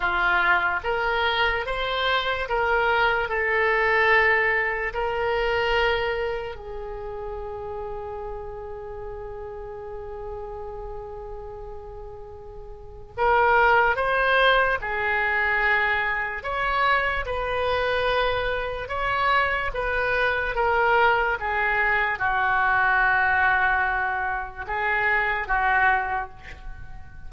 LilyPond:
\new Staff \with { instrumentName = "oboe" } { \time 4/4 \tempo 4 = 73 f'4 ais'4 c''4 ais'4 | a'2 ais'2 | gis'1~ | gis'1 |
ais'4 c''4 gis'2 | cis''4 b'2 cis''4 | b'4 ais'4 gis'4 fis'4~ | fis'2 gis'4 fis'4 | }